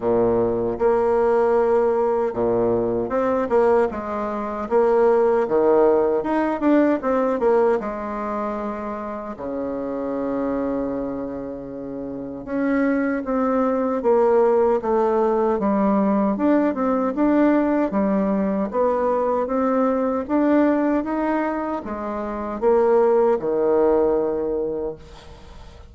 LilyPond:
\new Staff \with { instrumentName = "bassoon" } { \time 4/4 \tempo 4 = 77 ais,4 ais2 ais,4 | c'8 ais8 gis4 ais4 dis4 | dis'8 d'8 c'8 ais8 gis2 | cis1 |
cis'4 c'4 ais4 a4 | g4 d'8 c'8 d'4 g4 | b4 c'4 d'4 dis'4 | gis4 ais4 dis2 | }